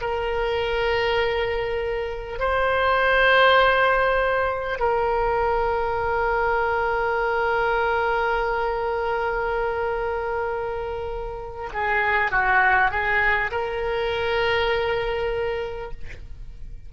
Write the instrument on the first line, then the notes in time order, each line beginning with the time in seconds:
oboe
0.00 A#4
2.39 C5
4.79 A#4
11.73 G#4
12.31 F#4
12.90 G#4
13.51 A#4